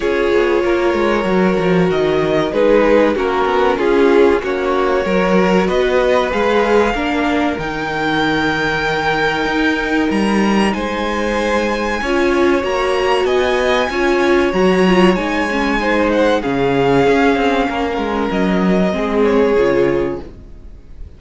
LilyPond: <<
  \new Staff \with { instrumentName = "violin" } { \time 4/4 \tempo 4 = 95 cis''2. dis''4 | b'4 ais'4 gis'4 cis''4~ | cis''4 dis''4 f''2 | g''1 |
ais''4 gis''2. | ais''4 gis''2 ais''4 | gis''4. fis''8 f''2~ | f''4 dis''4. cis''4. | }
  \new Staff \with { instrumentName = "violin" } { \time 4/4 gis'4 ais'2. | gis'4 fis'4 f'4 fis'4 | ais'4 b'2 ais'4~ | ais'1~ |
ais'4 c''2 cis''4~ | cis''4 dis''4 cis''2~ | cis''4 c''4 gis'2 | ais'2 gis'2 | }
  \new Staff \with { instrumentName = "viola" } { \time 4/4 f'2 fis'2 | dis'4 cis'2. | fis'2 gis'4 d'4 | dis'1~ |
dis'2. f'4 | fis'2 f'4 fis'8 f'8 | dis'8 cis'8 dis'4 cis'2~ | cis'2 c'4 f'4 | }
  \new Staff \with { instrumentName = "cello" } { \time 4/4 cis'8 b8 ais8 gis8 fis8 f8 dis4 | gis4 ais8 b8 cis'4 ais4 | fis4 b4 gis4 ais4 | dis2. dis'4 |
g4 gis2 cis'4 | ais4 b4 cis'4 fis4 | gis2 cis4 cis'8 c'8 | ais8 gis8 fis4 gis4 cis4 | }
>>